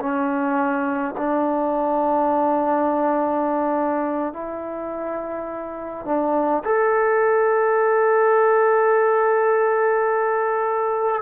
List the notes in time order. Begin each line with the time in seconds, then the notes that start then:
0.00 C#4
1.17 D4
4.33 E4
6.05 D4
6.64 A4